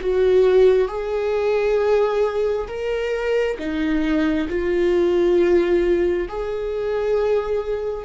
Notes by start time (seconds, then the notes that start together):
0.00 F#4
0.88 G#4
2.67 A#4
3.59 D#4
4.49 F4
6.28 G#4